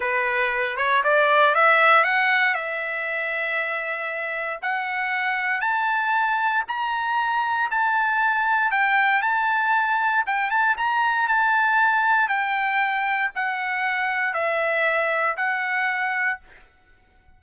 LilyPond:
\new Staff \with { instrumentName = "trumpet" } { \time 4/4 \tempo 4 = 117 b'4. cis''8 d''4 e''4 | fis''4 e''2.~ | e''4 fis''2 a''4~ | a''4 ais''2 a''4~ |
a''4 g''4 a''2 | g''8 a''8 ais''4 a''2 | g''2 fis''2 | e''2 fis''2 | }